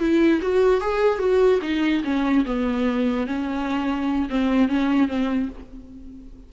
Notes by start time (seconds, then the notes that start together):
0.00 E4
0.42 F#4
0.81 G#4
1.19 F#4
1.62 D#4
2.04 C#4
2.46 B3
3.27 C#4
4.30 C4
4.69 C#4
5.09 C4